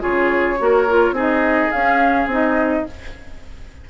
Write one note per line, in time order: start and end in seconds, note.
0.00 0.60 C#3
0.00 0.57 F4
0.00 0.58 G#4
0.00 1.15 C#5
0.59 1.11 A#3
0.59 0.87 F#4
0.59 1.15 A#4
0.89 1.15 F4
1.11 1.68 C4
1.11 1.72 D#4
1.11 2.85 G#4
1.20 1.71 D#5
1.71 2.26 C#4
1.71 2.30 C#4
1.71 2.28 F5
2.26 2.83 C4
2.26 2.86 D#4
2.33 2.89 D#5